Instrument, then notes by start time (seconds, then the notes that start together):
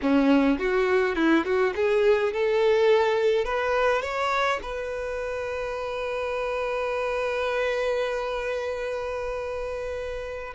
violin
0.02 C#4
0.58 F#4
1.15 E4
1.44 F#4
1.75 G#4
2.32 A4
3.44 B4
4.01 C#5
4.62 B4